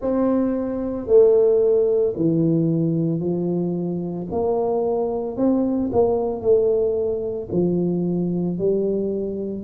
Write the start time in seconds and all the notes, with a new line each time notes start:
0.01 C4
1.06 A3
2.15 E3
3.19 F3
4.31 A#3
5.36 C4
5.92 A#3
6.41 A3
7.52 F3
8.58 G3